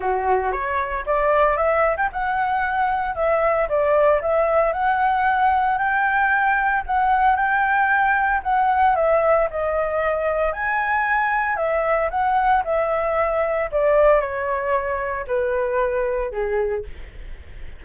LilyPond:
\new Staff \with { instrumentName = "flute" } { \time 4/4 \tempo 4 = 114 fis'4 cis''4 d''4 e''8. g''16 | fis''2 e''4 d''4 | e''4 fis''2 g''4~ | g''4 fis''4 g''2 |
fis''4 e''4 dis''2 | gis''2 e''4 fis''4 | e''2 d''4 cis''4~ | cis''4 b'2 gis'4 | }